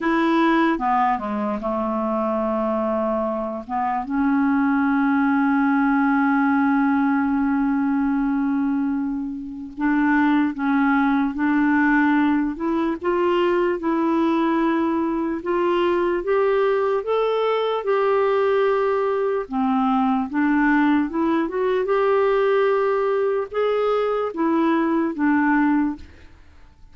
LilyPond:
\new Staff \with { instrumentName = "clarinet" } { \time 4/4 \tempo 4 = 74 e'4 b8 gis8 a2~ | a8 b8 cis'2.~ | cis'1 | d'4 cis'4 d'4. e'8 |
f'4 e'2 f'4 | g'4 a'4 g'2 | c'4 d'4 e'8 fis'8 g'4~ | g'4 gis'4 e'4 d'4 | }